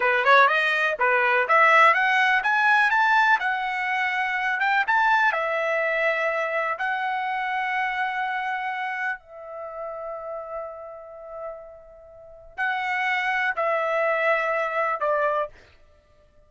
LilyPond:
\new Staff \with { instrumentName = "trumpet" } { \time 4/4 \tempo 4 = 124 b'8 cis''8 dis''4 b'4 e''4 | fis''4 gis''4 a''4 fis''4~ | fis''4. g''8 a''4 e''4~ | e''2 fis''2~ |
fis''2. e''4~ | e''1~ | e''2 fis''2 | e''2. d''4 | }